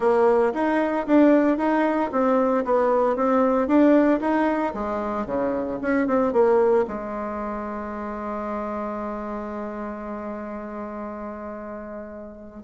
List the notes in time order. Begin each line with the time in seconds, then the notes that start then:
0.00 A#3
0.53 D#4
1.06 D4
1.57 D#4
2.11 C4
2.65 B3
3.16 C4
3.67 D4
4.20 D#4
4.74 G#3
5.26 C#3
5.81 C#4
6.07 C4
6.32 A#3
6.87 G#3